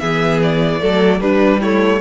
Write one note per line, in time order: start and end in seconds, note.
0.00 0.82 E3
0.00 0.80 B3
0.00 0.81 G#4
0.00 0.40 E5
0.43 1.21 D5
0.80 1.21 F#3
0.80 1.20 A3
0.80 1.21 A4
1.21 2.01 G3
1.21 1.61 G3
1.21 1.61 D4
1.21 1.61 B4
1.61 2.02 A3
1.61 2.01 E4
1.61 2.02 C#5